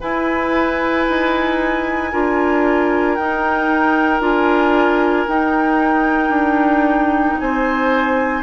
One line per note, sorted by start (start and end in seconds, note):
0.00 1.07 E4
0.00 2.12 E4
0.00 2.11 B4
0.00 3.15 G#5
1.09 2.13 D#4
2.12 3.18 D4
2.12 3.17 F4
2.12 7.38 A#4
3.15 4.20 D#4
3.15 4.20 G5
4.20 5.25 D4
4.20 5.26 F4
4.20 5.29 G#5
5.28 8.42 D#4
5.28 6.29 D#4
5.28 7.39 G5
6.29 7.34 D4
7.39 8.42 C4
7.39 8.42 C5
7.39 8.42 G#5